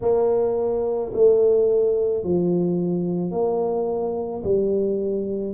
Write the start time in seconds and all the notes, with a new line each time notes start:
0.01 A#3
1.13 A3
2.23 F3
3.31 A#3
4.43 G3